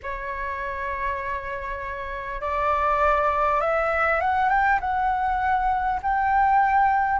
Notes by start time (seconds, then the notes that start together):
0.02 C#5
2.41 D5
3.61 E5
4.20 F#5
4.49 G5
4.80 F#5
6.02 G5